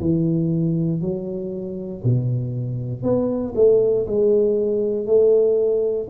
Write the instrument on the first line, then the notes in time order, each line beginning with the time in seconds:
tuba
0.00 E3
1.01 F#3
2.04 B2
3.03 B3
3.55 A3
4.06 G#3
5.06 A3